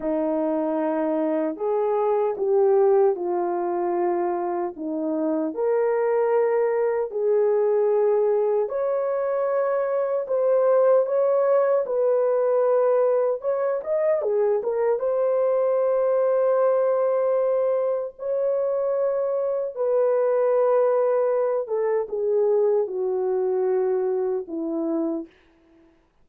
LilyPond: \new Staff \with { instrumentName = "horn" } { \time 4/4 \tempo 4 = 76 dis'2 gis'4 g'4 | f'2 dis'4 ais'4~ | ais'4 gis'2 cis''4~ | cis''4 c''4 cis''4 b'4~ |
b'4 cis''8 dis''8 gis'8 ais'8 c''4~ | c''2. cis''4~ | cis''4 b'2~ b'8 a'8 | gis'4 fis'2 e'4 | }